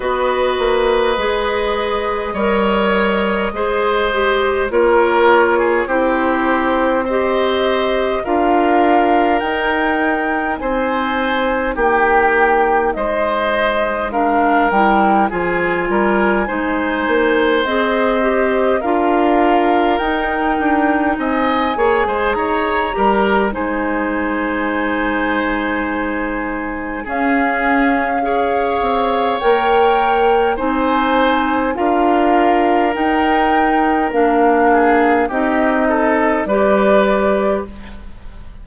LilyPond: <<
  \new Staff \with { instrumentName = "flute" } { \time 4/4 \tempo 4 = 51 dis''1 | cis''4 c''4 dis''4 f''4 | g''4 gis''4 g''4 dis''4 | f''8 g''8 gis''2 dis''4 |
f''4 g''4 gis''4 ais''4 | gis''2. f''4~ | f''4 g''4 gis''4 f''4 | g''4 f''4 dis''4 d''4 | }
  \new Staff \with { instrumentName = "oboe" } { \time 4/4 b'2 cis''4 c''4 | ais'8. gis'16 g'4 c''4 ais'4~ | ais'4 c''4 g'4 c''4 | ais'4 gis'8 ais'8 c''2 |
ais'2 dis''8 cis''16 c''16 cis''8 ais'8 | c''2. gis'4 | cis''2 c''4 ais'4~ | ais'4. gis'8 g'8 a'8 b'4 | }
  \new Staff \with { instrumentName = "clarinet" } { \time 4/4 fis'4 gis'4 ais'4 gis'8 g'8 | f'4 e'4 g'4 f'4 | dis'1 | d'8 e'8 f'4 dis'4 gis'8 g'8 |
f'4 dis'4. gis'4 g'8 | dis'2. cis'4 | gis'4 ais'4 dis'4 f'4 | dis'4 d'4 dis'4 g'4 | }
  \new Staff \with { instrumentName = "bassoon" } { \time 4/4 b8 ais8 gis4 g4 gis4 | ais4 c'2 d'4 | dis'4 c'4 ais4 gis4~ | gis8 g8 f8 g8 gis8 ais8 c'4 |
d'4 dis'8 d'8 c'8 ais16 gis16 dis'8 g8 | gis2. cis'4~ | cis'8 c'8 ais4 c'4 d'4 | dis'4 ais4 c'4 g4 | }
>>